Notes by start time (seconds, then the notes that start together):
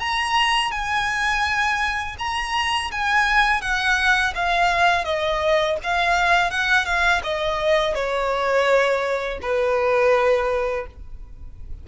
0.00 A#5
0.72 G#5
2.19 A#5
2.91 G#5
3.61 F#5
4.35 F5
5.04 D#5
5.83 F5
6.51 F#5
6.85 F5
7.23 D#5
7.95 C#5
9.42 B4